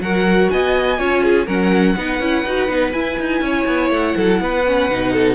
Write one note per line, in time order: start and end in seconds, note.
0.00 0.49 F#3
0.00 0.98 F#4
0.00 0.51 A#4
0.00 0.50 F#5
0.50 0.99 B3
0.50 0.99 D#5
0.50 1.47 G#5
0.98 1.48 C#4
0.98 1.46 F4
0.98 1.23 C#5
1.23 1.46 G#4
1.46 1.96 F#3
1.46 1.96 C#4
1.46 1.95 A#4
1.46 2.92 F#5
1.97 2.20 B3
1.97 2.21 D#4
1.97 3.44 B4
2.20 2.44 C#4
2.20 2.45 E4
2.46 2.68 D#4
2.46 2.69 F#4
2.68 2.93 B3
2.68 2.93 D#4
2.92 4.64 E4
2.92 3.18 E4
2.92 3.90 G#5
3.19 3.41 D#4
3.41 3.65 C#4
3.41 4.16 C#5
3.67 3.90 B3
3.90 4.15 A3
3.90 5.35 F#5
4.16 4.40 F#3
4.16 4.41 A4
4.40 4.89 B3
4.40 5.13 B4
4.67 4.91 C#4
4.89 5.35 B2
4.89 5.35 D#4
5.13 5.35 A4